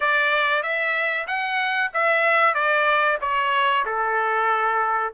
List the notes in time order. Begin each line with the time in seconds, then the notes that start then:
0.00 D5
0.62 E5
1.27 F#5
1.93 E5
2.54 D5
3.21 C#5
3.85 A4